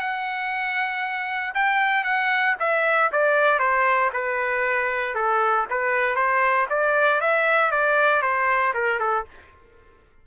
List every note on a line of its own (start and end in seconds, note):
0.00 1.54 F#5
1.55 2.04 G5
2.04 2.55 F#5
2.60 3.11 E5
3.12 3.59 D5
3.59 4.11 C5
4.14 5.15 B4
5.15 5.66 A4
5.70 6.16 B4
6.16 6.67 C5
6.70 7.21 D5
7.21 7.71 E5
7.71 8.22 D5
8.22 8.73 C5
8.74 9.00 A#4
9.00 9.25 A4